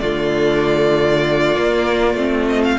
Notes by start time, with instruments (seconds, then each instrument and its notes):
0.00 cello D3, viola A3, violin F4 D5
1.56 viola A#3, cello A#3
2.14 cello A3, viola C4
2.48 violin D#5
2.64 violin F5